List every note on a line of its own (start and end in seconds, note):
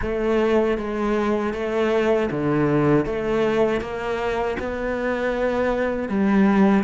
0.01 0.77 A3
0.77 1.53 G#3
1.53 2.29 A3
2.30 3.05 D3
3.05 3.80 A3
3.80 4.56 A#3
4.59 6.09 B3
6.09 6.83 G3